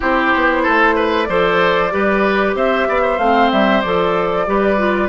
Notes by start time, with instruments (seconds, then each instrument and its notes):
0.00 bassoon C4, clarinet E4, oboe G4, flute C5
0.34 bassoon B3
0.62 bassoon A3, oboe A4
0.95 oboe B4
1.24 bassoon F3, clarinet A4, oboe C5, flute D5
1.91 bassoon G3, clarinet G4, oboe B4
2.54 bassoon C4, oboe C5, flute E5
2.88 bassoon B3, oboe D5
3.01 oboe C5
3.18 bassoon A3, clarinet C4, flute F5
3.51 bassoon G3, flute E5
3.81 bassoon F3, clarinet A4, flute D5
4.47 bassoon G3, clarinet G4, oboe B4
4.77 clarinet F4